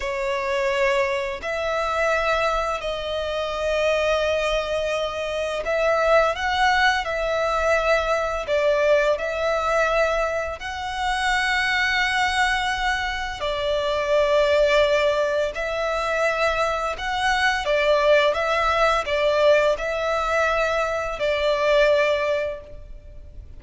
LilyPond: \new Staff \with { instrumentName = "violin" } { \time 4/4 \tempo 4 = 85 cis''2 e''2 | dis''1 | e''4 fis''4 e''2 | d''4 e''2 fis''4~ |
fis''2. d''4~ | d''2 e''2 | fis''4 d''4 e''4 d''4 | e''2 d''2 | }